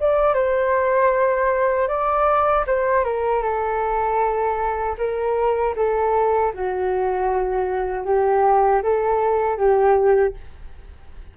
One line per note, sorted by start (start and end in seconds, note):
0.00 0.34 D5
0.34 1.88 C5
1.88 2.65 D5
2.67 3.05 C5
3.05 3.43 A#4
3.43 4.97 A4
4.98 5.75 A#4
5.76 6.53 A4
6.53 8.05 F#4
8.05 8.82 G4
8.83 9.57 A4
9.57 10.34 G4